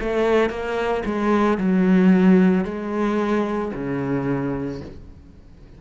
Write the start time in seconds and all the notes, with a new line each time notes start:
0.00 A3
0.49 A#3
1.05 G#3
1.57 F#3
2.64 G#3
3.74 C#3